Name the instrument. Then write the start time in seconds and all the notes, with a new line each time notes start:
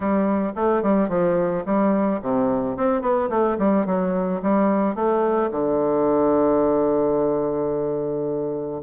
bassoon
0.00 G3
0.55 A3
0.82 G3
1.08 F3
1.65 G3
2.22 C3
2.76 C4
3.01 B3
3.29 A3
3.58 G3
3.86 F#3
4.42 G3
4.95 A3
5.51 D3